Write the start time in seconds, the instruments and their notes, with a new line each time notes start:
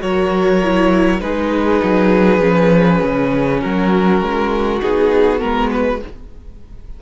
0.00 cello F#3, viola F#4, violin A#4 C#5
0.63 viola E4
1.20 cello G#3, viola D#4, violin G#4 B4
1.83 cello F#3
2.40 cello F3, viola C#4
3.04 cello C#3
3.61 cello F#3, violin F#4 A#4
4.22 cello G#3
4.82 cello B3, viola D#4, violin G#4
5.39 cello G#3, viola B3, violin A#4
5.71 violin B4